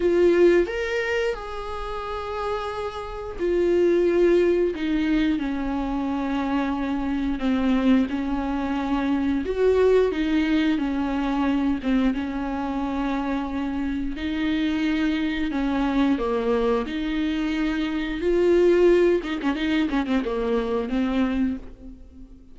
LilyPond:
\new Staff \with { instrumentName = "viola" } { \time 4/4 \tempo 4 = 89 f'4 ais'4 gis'2~ | gis'4 f'2 dis'4 | cis'2. c'4 | cis'2 fis'4 dis'4 |
cis'4. c'8 cis'2~ | cis'4 dis'2 cis'4 | ais4 dis'2 f'4~ | f'8 dis'16 cis'16 dis'8 cis'16 c'16 ais4 c'4 | }